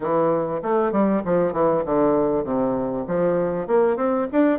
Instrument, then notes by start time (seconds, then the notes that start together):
bassoon
0.00 E3
0.62 A3
0.92 G3
1.24 F3
1.53 E3
1.85 D3
2.44 C3
3.07 F3
3.67 A#3
3.96 C4
4.32 D4